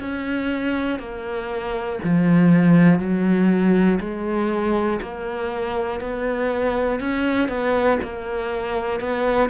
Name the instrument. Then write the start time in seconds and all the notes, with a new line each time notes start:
cello
0.00 C#4
0.99 A#3
2.03 F3
2.99 F#3
4.00 G#3
5.01 A#3
6.00 B3
7.00 C#4
7.48 B3
8.02 A#3
9.00 B3